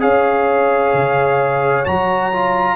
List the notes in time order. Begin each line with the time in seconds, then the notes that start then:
0.00 C#4 G#4 C#5 F5
0.94 C#3
1.85 F#3 F#4 A#5
2.33 F4